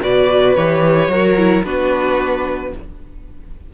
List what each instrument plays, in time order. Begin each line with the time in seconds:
0.00 cello B2, viola F#4, violin B4 D5
0.55 cello E3, viola G4, violin C#5
1.08 cello F#3, viola F#4, violin A#4
1.37 viola E4
1.64 cello B3, viola D4, violin F#4 B4